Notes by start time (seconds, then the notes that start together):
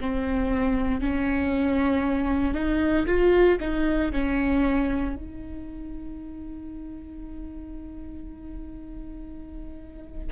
0.00 C4
1.01 C#4
2.54 D#4
3.06 F4
3.60 D#4
4.12 C#4
5.15 D#4